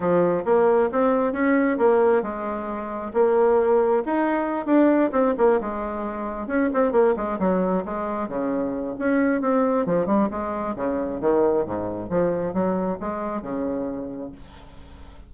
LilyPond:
\new Staff \with { instrumentName = "bassoon" } { \time 4/4 \tempo 4 = 134 f4 ais4 c'4 cis'4 | ais4 gis2 ais4~ | ais4 dis'4. d'4 c'8 | ais8 gis2 cis'8 c'8 ais8 |
gis8 fis4 gis4 cis4. | cis'4 c'4 f8 g8 gis4 | cis4 dis4 gis,4 f4 | fis4 gis4 cis2 | }